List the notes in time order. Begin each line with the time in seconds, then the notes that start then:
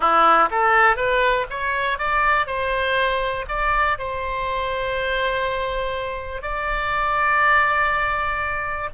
0.00 E4
0.50 A4
0.96 B4
1.50 C#5
1.98 D5
2.46 C5
3.48 D5
3.98 C5
6.41 D5